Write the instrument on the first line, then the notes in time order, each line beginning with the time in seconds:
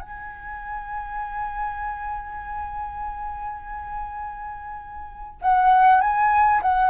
flute
0.00 G#5
5.41 F#5
6.00 G#5
6.62 F#5